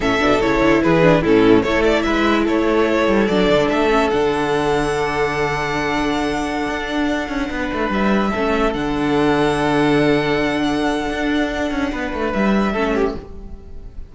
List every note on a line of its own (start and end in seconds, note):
0.00 0.18 A2
0.00 0.20 C#4
0.00 0.82 A4
0.00 0.40 E5
0.20 0.40 B2
0.20 0.40 D4
0.40 0.61 C#3
0.40 1.02 E4
0.40 0.82 C#5
0.61 0.82 D3
0.82 1.23 E3
0.82 1.21 G#4
0.82 1.23 B4
1.02 1.23 D4
1.21 1.64 A2
1.21 1.66 C#4
1.21 1.62 E4
1.21 1.62 A4
1.62 2.05 A3
1.62 3.30 E4
1.62 2.04 A4
1.62 1.83 C#5
1.83 2.02 D5
2.02 2.47 G#3
2.02 2.43 B4
2.02 2.43 E5
2.43 3.07 A3
2.43 7.47 A4
2.43 3.27 C#5
3.07 3.27 G3
3.27 3.49 F#3
3.27 3.90 D4
3.27 3.68 D5
3.49 3.69 D3
3.69 4.11 A3
3.69 4.10 E5
3.90 4.11 C#4
4.10 6.68 D3
4.10 8.33 D4
4.10 7.90 F#5
6.68 7.28 D4
7.28 7.49 C#4
7.50 7.70 B3
7.50 8.30 B4
7.73 7.89 A3
7.89 8.30 G3
7.89 8.73 E5
8.30 8.74 A3
8.30 8.74 C#4
8.30 11.90 A4
8.73 11.10 D3
8.73 12.74 D4
8.73 12.32 F#5
11.11 11.71 D4
11.71 11.92 C#4
11.91 12.12 B3
11.91 12.72 B4
12.13 12.33 A3
12.33 12.73 G3
12.33 13.15 E5
12.72 13.15 A3
12.72 13.15 C#4
12.72 12.92 A4
12.94 13.15 G4